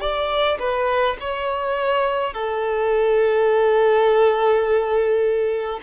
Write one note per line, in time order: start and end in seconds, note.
0.00 0.58 D5
0.59 1.16 B4
1.20 2.33 C#5
2.33 5.80 A4